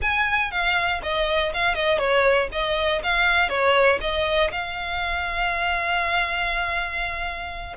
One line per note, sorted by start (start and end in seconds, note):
0.01 0.51 G#5
0.51 1.01 F5
1.02 1.52 D#5
1.53 1.75 F5
1.75 1.98 D#5
1.98 2.48 C#5
2.51 3.01 D#5
3.03 3.49 F5
3.49 3.99 C#5
4.00 4.50 D#5
4.51 7.76 F5